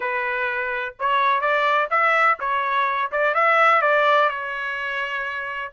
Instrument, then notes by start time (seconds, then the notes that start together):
trumpet
0.00 B4
0.99 C#5
1.40 D5
1.90 E5
2.39 C#5
3.11 D5
3.34 E5
3.81 D5
4.29 C#5